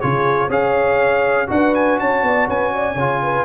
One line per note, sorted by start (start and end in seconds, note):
0.00 0.49 C#3
0.00 0.49 F4
0.00 0.47 G#4
0.00 0.49 C#5
0.47 1.47 C#4
0.47 1.47 G#4
0.47 1.46 C#5
0.47 1.49 F5
1.47 1.99 D4
1.47 2.94 F#4
1.47 2.00 B4
1.47 1.74 F#5
1.74 1.99 G#5
1.99 2.22 C#4
1.99 2.25 C#5
1.99 2.48 A5
2.22 2.47 B3
2.22 2.48 D5
2.48 2.95 C#4
2.48 2.72 B4
2.48 3.45 G#5
2.74 2.95 D5
2.95 3.44 C#3
2.95 3.45 F4
2.95 3.19 C#5
3.22 3.45 B4